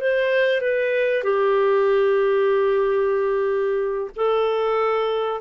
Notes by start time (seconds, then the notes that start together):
0.00 C5
0.61 B4
1.23 G4
4.16 A4